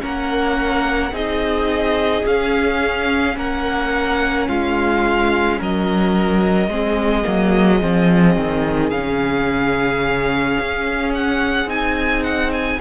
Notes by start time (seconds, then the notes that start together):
0.00 A#3 C#4 A#4 F#5
1.12 C4 D#4 G#4 D#5
2.26 C#4 F5
3.37 A#3 A#4 F#5
4.48 G#3 F4 F5
5.59 F#3 A#4 D#5
6.69 G#3 C4 G#4
7.23 F#3 A#3
7.81 F3 C4
8.37 D#3
8.90 C#3 C#4 F5
10.60 C#4
11.15 F#5
11.66 C4 D#4 G#5
12.24 F#5
12.53 G#5